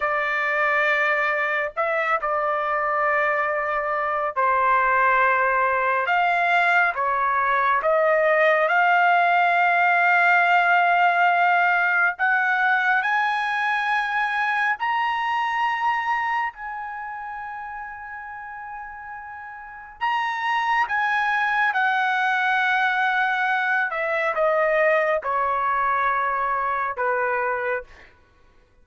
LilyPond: \new Staff \with { instrumentName = "trumpet" } { \time 4/4 \tempo 4 = 69 d''2 e''8 d''4.~ | d''4 c''2 f''4 | cis''4 dis''4 f''2~ | f''2 fis''4 gis''4~ |
gis''4 ais''2 gis''4~ | gis''2. ais''4 | gis''4 fis''2~ fis''8 e''8 | dis''4 cis''2 b'4 | }